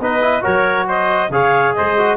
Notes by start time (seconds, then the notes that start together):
0.00 B3 D#4 B4 D#5
0.21 E4
0.41 F#3 F#4 A#4 C#5
0.88 C5 D#5
1.30 C#3 G#4 C#5 F5
1.74 G#3 C5 D#5
1.97 F#4